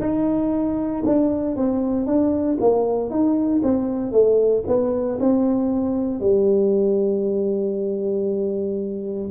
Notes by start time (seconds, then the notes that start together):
0.00 D#4
1.06 D4
1.56 C4
2.06 D4
2.60 A#3
3.10 D#4
3.63 C4
4.11 A3
4.66 B3
5.20 C4
6.20 G3